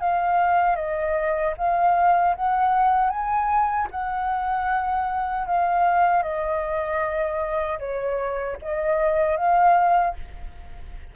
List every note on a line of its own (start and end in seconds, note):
0.00 0.76 F5
0.76 1.54 D#5
1.57 2.35 F5
2.36 3.10 F#5
3.10 3.87 G#5
3.91 5.47 F#5
5.47 6.23 F5
6.23 7.79 D#5
7.79 8.57 C#5
8.61 9.36 D#5
9.36 10.14 F5